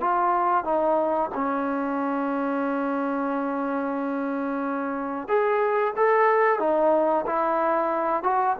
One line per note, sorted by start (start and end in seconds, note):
0.00 0.64 F4
0.64 1.30 D#4
1.34 5.27 C#4
5.27 5.93 G#4
5.96 6.59 A4
6.59 7.25 D#4
7.26 8.23 E4
8.23 8.56 F#4